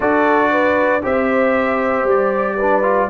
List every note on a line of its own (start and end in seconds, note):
0.00 1.03 D4
0.00 1.01 F#4
0.00 0.50 A4
0.00 1.04 D5
0.51 1.03 B4
1.02 2.04 C4
1.02 2.58 G4
1.02 2.56 C5
1.02 2.08 E5
2.04 3.07 G3
2.04 3.10 D5
2.56 2.82 D4
2.56 3.08 B4
2.82 3.08 F4